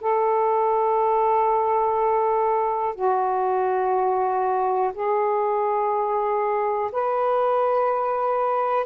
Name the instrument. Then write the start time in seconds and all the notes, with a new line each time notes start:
saxophone
0.00 A4
2.95 F#4
4.94 G#4
6.92 B4